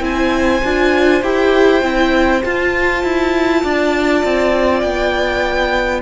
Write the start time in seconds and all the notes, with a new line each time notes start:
0.00 C4 E4 C5 G#5
0.64 D4 F4
1.22 E4 G4 G5
1.81 C4 E4
2.44 F4 A5
3.03 E4
3.62 D4 D5
4.24 C4
4.80 B3 G5